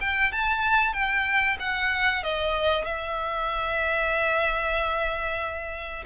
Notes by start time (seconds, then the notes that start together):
0.00 G5
0.32 A5
0.93 G5
1.59 F#5
2.23 D#5
2.85 E5